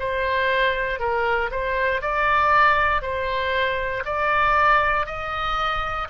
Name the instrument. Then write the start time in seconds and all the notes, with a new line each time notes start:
oboe
0.00 C5
0.99 A#4
1.51 C5
2.02 D5
3.02 C5
4.05 D5
5.06 D#5